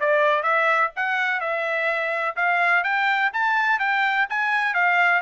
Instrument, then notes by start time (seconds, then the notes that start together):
trumpet
0.00 D5
0.43 E5
0.96 F#5
1.40 E5
2.36 F5
2.83 G5
3.33 A5
3.79 G5
4.29 G#5
4.74 F5